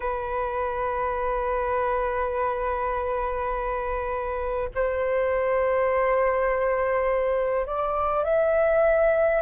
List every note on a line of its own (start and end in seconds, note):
0.00 4.68 B4
4.74 7.65 C5
7.65 8.24 D5
8.24 9.41 E5